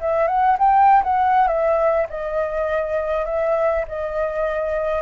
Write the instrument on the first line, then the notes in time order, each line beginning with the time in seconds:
flute
0.00 E5
0.27 F#5
0.58 G5
1.03 F#5
1.47 E5
2.09 D#5
3.25 E5
3.88 D#5